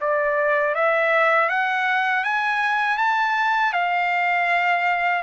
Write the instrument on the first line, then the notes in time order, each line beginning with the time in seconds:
trumpet
0.00 D5
0.75 E5
1.49 F#5
2.24 G#5
2.97 A5
3.72 F5